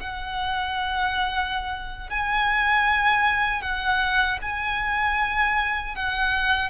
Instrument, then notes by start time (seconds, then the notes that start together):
violin
0.00 F#5
2.10 G#5
3.62 F#5
4.42 G#5
5.96 F#5